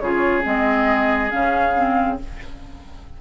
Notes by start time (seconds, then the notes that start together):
0.00 C#3 F4 G#4 C#5
0.43 G#3 C4 D#5
1.30 C#3 C#4 F5
1.76 C4